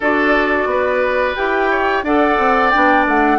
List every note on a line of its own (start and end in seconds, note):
0.00 0.65 D4
0.00 1.36 F#4
0.00 0.68 A4
0.00 1.35 D5
0.65 1.33 B3
0.65 1.70 B4
1.35 2.03 E4
1.35 2.04 G4
1.35 2.03 G5
1.70 2.04 C#5
2.03 2.37 D4
2.03 2.73 A4
2.03 3.38 D5
2.03 2.70 F#5
2.37 2.72 C4
2.70 3.06 B3
2.70 3.38 D4
2.70 3.04 G5
3.06 3.38 A3
3.06 3.38 F#5